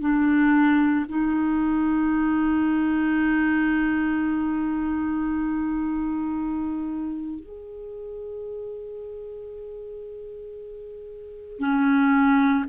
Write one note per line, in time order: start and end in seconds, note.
0.00 1.05 D4
1.08 7.40 D#4
7.40 11.59 G#4
11.59 12.65 C#4